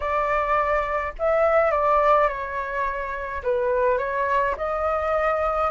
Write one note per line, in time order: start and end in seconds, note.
0.00 1.13 D5
1.18 1.71 E5
1.71 2.28 D5
2.28 3.42 C#5
3.43 3.98 B4
3.98 4.55 C#5
4.57 5.70 D#5